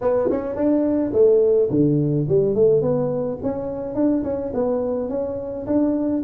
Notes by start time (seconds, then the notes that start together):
0.01 B3
0.30 C#4
0.55 D4
1.12 A3
1.70 D3
2.28 G3
2.55 A3
2.81 B3
3.42 C#4
3.95 D4
4.23 C#4
4.53 B3
5.09 C#4
5.66 D4